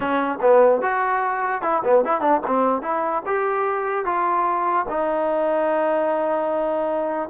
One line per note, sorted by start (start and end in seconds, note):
0.00 0.39 C#4
0.41 0.81 B3
0.81 1.62 F#4
1.62 1.82 E4
1.84 2.04 B3
2.04 2.20 E4
2.20 2.40 D4
2.47 2.82 C4
2.82 3.22 E4
3.25 4.05 G4
4.05 4.86 F4
4.89 7.29 D#4